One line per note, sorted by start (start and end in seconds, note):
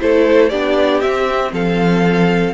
0.00 0.52 A3
0.00 0.51 E4
0.00 0.50 A4
0.00 0.50 C5
0.50 1.02 B3
0.50 1.03 D4
0.50 1.52 G4
0.50 1.01 D5
1.01 1.53 C4
1.01 2.54 C4
1.01 1.51 E5
1.53 2.54 F3
1.53 2.54 A4
1.53 2.54 F5